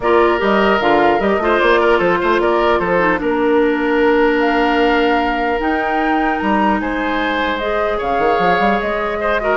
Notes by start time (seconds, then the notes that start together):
0.00 A#3 F4 A#4 D5
0.38 G3 G4 D#5
0.80 D3 F4 F5
1.19 G3 G4 D#5
1.38 A3 F4 C5
1.60 A#3 D5
1.80 A#4
1.98 F3 A4 C5
2.21 A3 C5
2.39 A#3 A#4 D5
2.79 F3 A4 C5
2.98 D#4
3.17 A#3 D4 A#4
4.39 F5
5.58 D#4 G5
6.39 G3 A#5
6.80 G#3 C5 G#5
7.58 G#4 D#5
7.98 C#3 C#5 F5
8.19 D#3
8.39 F3
8.59 G3
8.80 G#3 D#5
9.20 C5
9.40 F#4 A#4